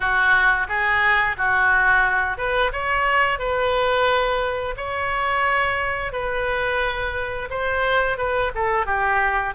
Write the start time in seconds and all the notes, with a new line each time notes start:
0.00 F#4
0.68 G#4
1.37 F#4
2.37 B4
2.72 C#5
3.38 B4
4.77 C#5
6.12 B4
7.50 C5
8.17 B4
8.54 A4
8.86 G4